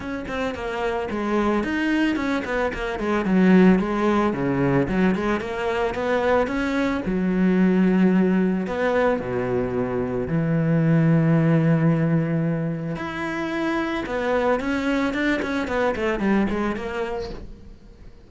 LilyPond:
\new Staff \with { instrumentName = "cello" } { \time 4/4 \tempo 4 = 111 cis'8 c'8 ais4 gis4 dis'4 | cis'8 b8 ais8 gis8 fis4 gis4 | cis4 fis8 gis8 ais4 b4 | cis'4 fis2. |
b4 b,2 e4~ | e1 | e'2 b4 cis'4 | d'8 cis'8 b8 a8 g8 gis8 ais4 | }